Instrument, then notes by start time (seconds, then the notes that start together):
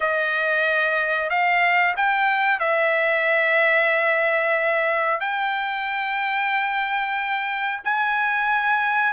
trumpet
0.00 D#5
1.29 F5
1.96 G5
2.59 E5
5.20 G5
7.84 G#5